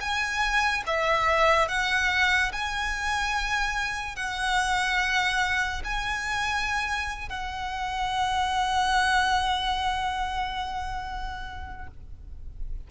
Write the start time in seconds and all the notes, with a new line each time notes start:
0.00 G#5
0.86 E5
1.68 F#5
2.52 G#5
4.16 F#5
5.84 G#5
7.29 F#5